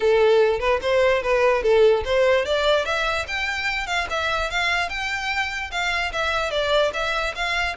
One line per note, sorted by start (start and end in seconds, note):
0.00 0.59 A4
0.59 0.80 B4
0.81 1.22 C5
1.22 1.62 B4
1.62 2.03 A4
2.04 2.45 C5
2.45 2.85 D5
2.85 3.26 E5
3.27 3.86 G5
3.86 4.07 F5
4.10 4.50 E5
4.50 4.89 F5
4.89 5.70 G5
5.71 6.12 F5
6.12 6.50 E5
6.50 6.91 D5
6.93 7.34 E5
7.35 7.76 F5